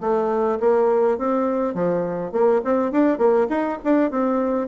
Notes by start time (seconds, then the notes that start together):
0.00 A3
0.60 A#3
1.18 C4
1.74 F3
2.31 A#3
2.64 C4
2.91 D4
3.18 A#3
3.49 D#4
3.83 D4
4.10 C4